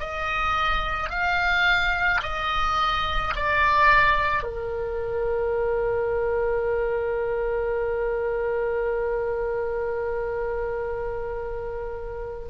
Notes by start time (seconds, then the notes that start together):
0.00 D#5
1.10 F5
2.23 D#5
3.36 D5
4.43 A#4